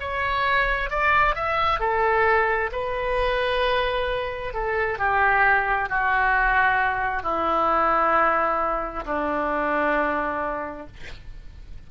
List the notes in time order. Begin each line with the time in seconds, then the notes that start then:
0.00 C#5
0.90 D5
1.35 E5
1.79 A4
2.71 B4
4.53 A4
4.98 G4
5.89 F#4
7.22 E4
9.05 D4